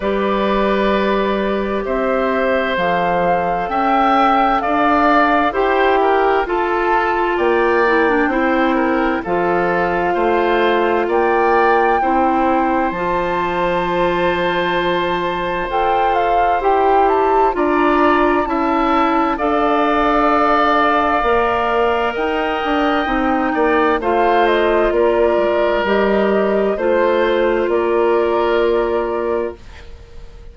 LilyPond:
<<
  \new Staff \with { instrumentName = "flute" } { \time 4/4 \tempo 4 = 65 d''2 e''4 f''4 | g''4 f''4 g''4 a''4 | g''2 f''2 | g''2 a''2~ |
a''4 g''8 f''8 g''8 a''8 ais''4 | a''4 f''2. | g''2 f''8 dis''8 d''4 | dis''4 c''4 d''2 | }
  \new Staff \with { instrumentName = "oboe" } { \time 4/4 b'2 c''2 | e''4 d''4 c''8 ais'8 a'4 | d''4 c''8 ais'8 a'4 c''4 | d''4 c''2.~ |
c''2. d''4 | e''4 d''2. | dis''4. d''8 c''4 ais'4~ | ais'4 c''4 ais'2 | }
  \new Staff \with { instrumentName = "clarinet" } { \time 4/4 g'2. a'4~ | a'2 g'4 f'4~ | f'8 e'16 d'16 e'4 f'2~ | f'4 e'4 f'2~ |
f'4 a'4 g'4 f'4 | e'4 a'2 ais'4~ | ais'4 dis'4 f'2 | g'4 f'2. | }
  \new Staff \with { instrumentName = "bassoon" } { \time 4/4 g2 c'4 f4 | cis'4 d'4 e'4 f'4 | ais4 c'4 f4 a4 | ais4 c'4 f2~ |
f4 f'4 e'4 d'4 | cis'4 d'2 ais4 | dis'8 d'8 c'8 ais8 a4 ais8 gis8 | g4 a4 ais2 | }
>>